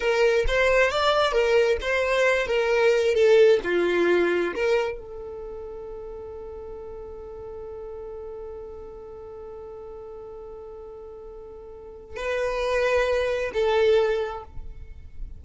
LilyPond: \new Staff \with { instrumentName = "violin" } { \time 4/4 \tempo 4 = 133 ais'4 c''4 d''4 ais'4 | c''4. ais'4. a'4 | f'2 ais'4 a'4~ | a'1~ |
a'1~ | a'1~ | a'2. b'4~ | b'2 a'2 | }